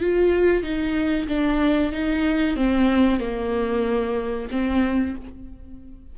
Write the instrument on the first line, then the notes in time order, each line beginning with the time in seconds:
viola
0.00 F4
0.63 D#4
1.28 D4
1.92 D#4
2.56 C4
3.20 A#3
4.51 C4